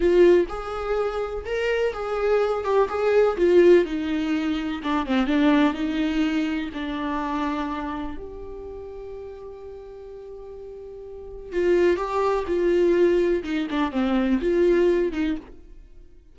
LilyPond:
\new Staff \with { instrumentName = "viola" } { \time 4/4 \tempo 4 = 125 f'4 gis'2 ais'4 | gis'4. g'8 gis'4 f'4 | dis'2 d'8 c'8 d'4 | dis'2 d'2~ |
d'4 g'2.~ | g'1 | f'4 g'4 f'2 | dis'8 d'8 c'4 f'4. dis'8 | }